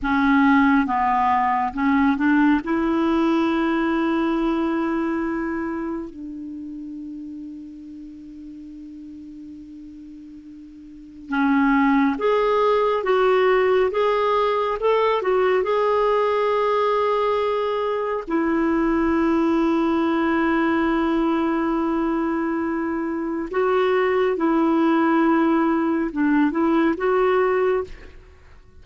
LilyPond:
\new Staff \with { instrumentName = "clarinet" } { \time 4/4 \tempo 4 = 69 cis'4 b4 cis'8 d'8 e'4~ | e'2. d'4~ | d'1~ | d'4 cis'4 gis'4 fis'4 |
gis'4 a'8 fis'8 gis'2~ | gis'4 e'2.~ | e'2. fis'4 | e'2 d'8 e'8 fis'4 | }